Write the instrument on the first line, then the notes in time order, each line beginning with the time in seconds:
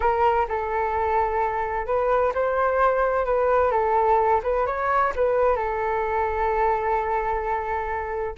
flute
0.00 A#4
0.48 A4
1.86 B4
2.34 C5
3.25 B4
3.71 A4
4.43 B4
4.66 C#5
5.15 B4
5.55 A4